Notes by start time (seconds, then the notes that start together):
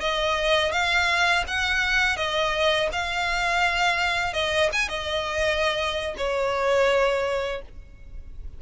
0.00 D#5
0.72 F5
1.47 F#5
2.17 D#5
2.92 F5
4.33 D#5
4.73 G#5
4.89 D#5
6.17 C#5